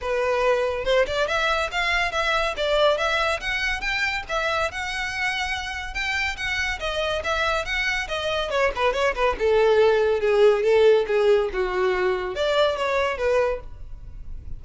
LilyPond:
\new Staff \with { instrumentName = "violin" } { \time 4/4 \tempo 4 = 141 b'2 c''8 d''8 e''4 | f''4 e''4 d''4 e''4 | fis''4 g''4 e''4 fis''4~ | fis''2 g''4 fis''4 |
dis''4 e''4 fis''4 dis''4 | cis''8 b'8 cis''8 b'8 a'2 | gis'4 a'4 gis'4 fis'4~ | fis'4 d''4 cis''4 b'4 | }